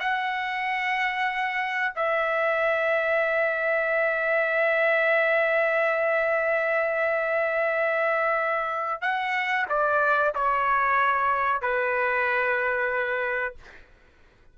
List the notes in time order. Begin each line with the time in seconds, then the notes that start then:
0.00 F#5
1.96 E5
9.01 F#5
9.69 D5
10.35 C#5
11.62 B4